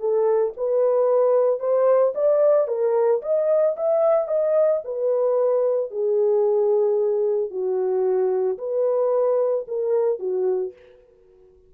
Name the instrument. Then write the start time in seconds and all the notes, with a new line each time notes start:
horn
0.00 A4
0.57 B4
1.60 C5
2.15 D5
2.68 A#4
3.22 D#5
3.77 E5
4.28 D#5
4.85 B4
5.91 G#4
7.50 F#4
8.58 B4
9.68 A#4
10.20 F#4